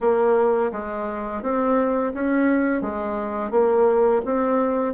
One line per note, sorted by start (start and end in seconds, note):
0.01 0.71 A#3
0.72 1.42 G#3
1.42 2.12 C4
2.14 2.81 C#4
2.81 3.51 G#3
3.51 4.21 A#3
4.25 4.94 C4